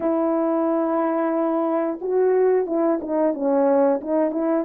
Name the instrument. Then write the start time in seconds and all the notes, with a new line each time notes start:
horn
0.00 E4
2.01 F#4
2.66 E4
3.01 D#4
3.33 C#4
4.01 D#4
4.31 E4